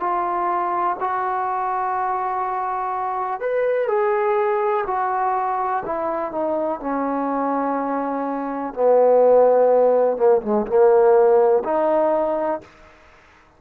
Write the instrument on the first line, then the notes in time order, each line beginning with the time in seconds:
trombone
0.00 F4
1.00 F#4
3.41 B4
3.88 G#4
4.87 F#4
5.86 E4
6.32 D#4
6.81 C#4
8.74 B3
10.17 A#3
10.43 G#3
10.67 A#3
11.65 D#4